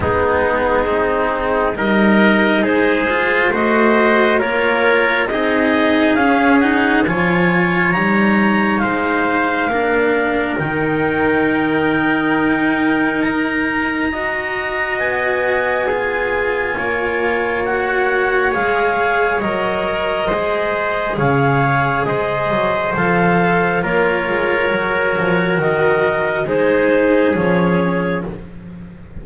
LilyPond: <<
  \new Staff \with { instrumentName = "clarinet" } { \time 4/4 \tempo 4 = 68 gis'2 dis''4 c''4 | dis''4 cis''4 dis''4 f''8 fis''8 | gis''4 ais''4 f''2 | g''2. ais''4~ |
ais''4 gis''2. | fis''4 f''4 dis''2 | f''4 dis''4 f''4 cis''4~ | cis''4 dis''4 c''4 cis''4 | }
  \new Staff \with { instrumentName = "trumpet" } { \time 4/4 dis'2 ais'4 gis'4 | c''4 ais'4 gis'2 | cis''2 c''4 ais'4~ | ais'1 |
dis''2 gis'4 cis''4~ | cis''2. c''4 | cis''4 c''2 ais'4~ | ais'2 gis'2 | }
  \new Staff \with { instrumentName = "cello" } { \time 4/4 b4 c'4 dis'4. f'8 | fis'4 f'4 dis'4 cis'8 dis'8 | f'4 dis'2 d'4 | dis'1 |
fis'2 f'2 | fis'4 gis'4 ais'4 gis'4~ | gis'2 a'4 f'4 | fis'2 dis'4 cis'4 | }
  \new Staff \with { instrumentName = "double bass" } { \time 4/4 gis2 g4 gis4 | a4 ais4 c'4 cis'4 | f4 g4 gis4 ais4 | dis2. dis'4~ |
dis'4 b2 ais4~ | ais4 gis4 fis4 gis4 | cis4 gis8 fis8 f4 ais8 gis8 | fis8 f8 dis4 gis4 f4 | }
>>